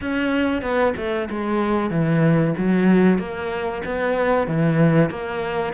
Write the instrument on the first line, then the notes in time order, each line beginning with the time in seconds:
cello
0.01 C#4
0.62 B3
0.96 A3
1.30 G#3
1.90 E3
2.57 F#3
3.18 A#3
3.85 B3
4.47 E3
5.09 A#3